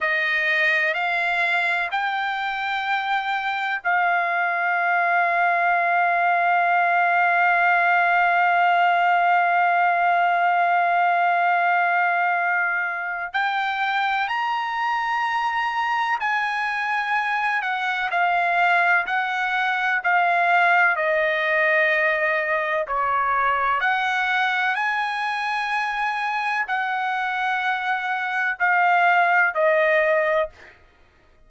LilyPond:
\new Staff \with { instrumentName = "trumpet" } { \time 4/4 \tempo 4 = 63 dis''4 f''4 g''2 | f''1~ | f''1~ | f''2 g''4 ais''4~ |
ais''4 gis''4. fis''8 f''4 | fis''4 f''4 dis''2 | cis''4 fis''4 gis''2 | fis''2 f''4 dis''4 | }